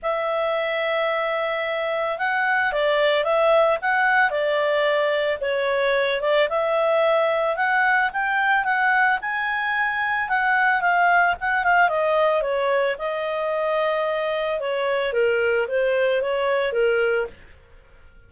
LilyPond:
\new Staff \with { instrumentName = "clarinet" } { \time 4/4 \tempo 4 = 111 e''1 | fis''4 d''4 e''4 fis''4 | d''2 cis''4. d''8 | e''2 fis''4 g''4 |
fis''4 gis''2 fis''4 | f''4 fis''8 f''8 dis''4 cis''4 | dis''2. cis''4 | ais'4 c''4 cis''4 ais'4 | }